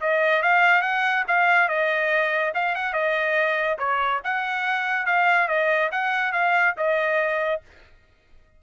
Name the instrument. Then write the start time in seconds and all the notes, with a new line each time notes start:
trumpet
0.00 D#5
0.42 F5
0.81 F#5
1.27 F5
1.68 D#5
2.54 F5
2.75 F#5
2.93 D#5
3.78 C#5
4.23 F#5
5.06 F5
5.48 D#5
5.91 F#5
6.32 F5
6.77 D#5